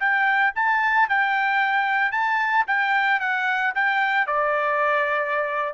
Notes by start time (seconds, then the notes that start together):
0.00 G5
0.55 A5
1.09 G5
2.12 A5
2.67 G5
3.20 F#5
3.75 G5
4.27 D5